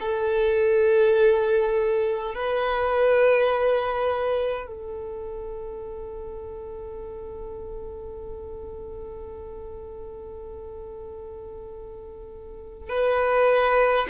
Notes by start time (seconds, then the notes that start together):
0.00 A4
2.35 B4
4.67 A4
12.90 B4